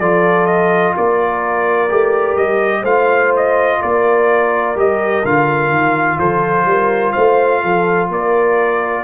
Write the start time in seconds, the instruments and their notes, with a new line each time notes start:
0.00 tuba F3, trombone F4, horn A4, trumpet D5
0.46 trumpet D#5
0.97 tuba A#3, horn A#4, trumpet D5
1.89 tuba A3, trombone G4
2.37 tuba G3, trumpet D#5
2.82 tuba A3, trombone F4, horn C5, trumpet F5
3.37 trumpet D#5
3.82 tuba A#3, horn A#4, trumpet D5
4.76 tuba G3, trombone G4, trumpet D#5
5.25 tuba D3, trombone F4, trumpet F5
5.70 tuba D#3
6.18 tuba F3, horn A4, trumpet C5
6.65 tuba G3, horn A#4
7.13 tuba A3, horn C5, trumpet F5
7.62 tuba F3, horn A4
8.10 tuba A#3, horn A#4, trumpet D5